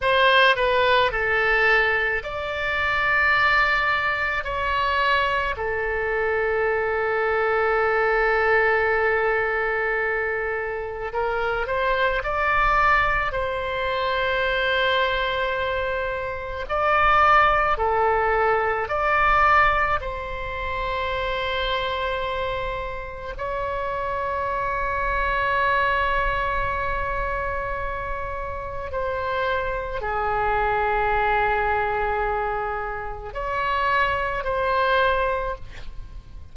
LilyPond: \new Staff \with { instrumentName = "oboe" } { \time 4/4 \tempo 4 = 54 c''8 b'8 a'4 d''2 | cis''4 a'2.~ | a'2 ais'8 c''8 d''4 | c''2. d''4 |
a'4 d''4 c''2~ | c''4 cis''2.~ | cis''2 c''4 gis'4~ | gis'2 cis''4 c''4 | }